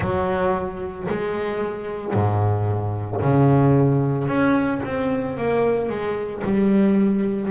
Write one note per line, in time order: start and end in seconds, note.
0.00 1.07 F#3
1.09 2.13 G#3
2.13 3.20 G#2
3.21 4.27 C#3
4.27 4.81 C#4
4.85 5.37 C4
5.37 5.89 A#3
5.89 6.42 G#3
6.44 7.50 G3